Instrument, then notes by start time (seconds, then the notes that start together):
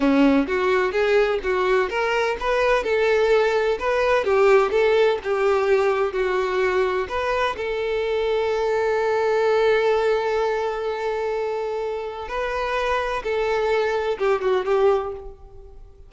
violin
0.00 C#4
0.47 F#4
0.91 G#4
1.43 F#4
1.89 A#4
2.39 B4
2.83 A4
3.79 B4
4.24 G4
4.71 A4
5.23 G4
6.13 F#4
7.08 B4
7.56 A4
12.28 B4
13.23 A4
14.18 G4
14.41 F#4
14.65 G4